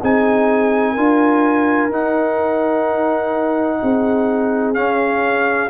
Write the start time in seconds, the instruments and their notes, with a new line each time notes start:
0.00 tuba C4, trombone D#4, horn G#4, trumpet G#5
0.93 tuba D4, trombone F4, horn A#4
1.90 tuba D#4, trombone D#4, trumpet F#5
3.83 tuba C4, horn G#4
4.75 trombone C#4, tuba C#4, trumpet F5